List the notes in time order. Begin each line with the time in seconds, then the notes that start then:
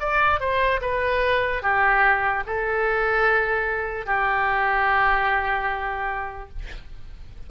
0.00 D5
0.40 C5
0.81 B4
1.63 G4
2.46 A4
4.06 G4